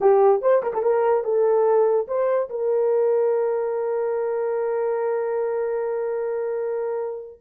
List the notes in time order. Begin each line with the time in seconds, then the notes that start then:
0.00 G4
0.41 C5
0.62 A#4
0.73 A4
0.82 A#4
1.23 A4
2.07 C5
2.49 A#4